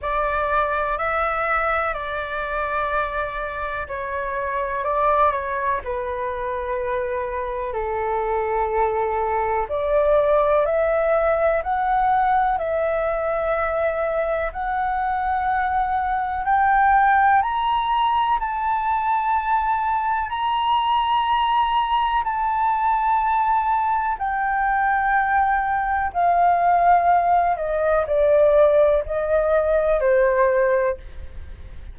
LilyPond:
\new Staff \with { instrumentName = "flute" } { \time 4/4 \tempo 4 = 62 d''4 e''4 d''2 | cis''4 d''8 cis''8 b'2 | a'2 d''4 e''4 | fis''4 e''2 fis''4~ |
fis''4 g''4 ais''4 a''4~ | a''4 ais''2 a''4~ | a''4 g''2 f''4~ | f''8 dis''8 d''4 dis''4 c''4 | }